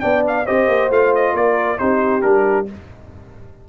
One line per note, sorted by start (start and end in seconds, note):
0.00 0.48 B3
0.00 0.44 D4
0.00 0.45 D5
0.00 0.22 G5
0.27 0.46 F5
0.45 0.67 C4
0.45 0.90 G4
0.45 1.34 C5
0.45 0.90 D#5
0.67 0.89 A#3
0.90 1.33 A3
0.90 1.78 F4
0.90 1.14 F5
1.15 1.35 D#5
1.33 1.77 A#3
1.33 1.79 A#4
1.33 1.78 D5
1.78 2.24 C4
1.78 2.21 D#4
1.78 2.67 G4
1.78 2.21 C5
2.21 2.68 G3
2.21 2.65 D4
2.21 2.66 A#4